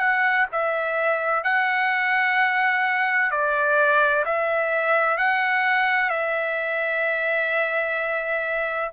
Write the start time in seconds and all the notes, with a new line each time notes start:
0.00 F#5
0.52 E5
1.44 F#5
3.31 D5
4.26 E5
5.18 F#5
6.10 E5